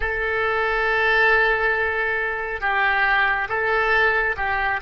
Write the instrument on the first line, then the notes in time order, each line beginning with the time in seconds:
oboe
0.00 A4
2.60 G4
3.48 A4
4.36 G4